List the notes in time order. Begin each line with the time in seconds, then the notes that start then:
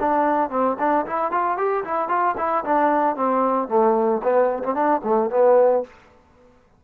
0.00 D4
0.50 C4
0.79 D4
1.07 E4
1.32 F4
1.58 G4
1.84 E4
2.09 F4
2.38 E4
2.65 D4
3.16 C4
3.69 A3
4.24 B3
4.64 C4
4.75 D4
5.04 A3
5.31 B3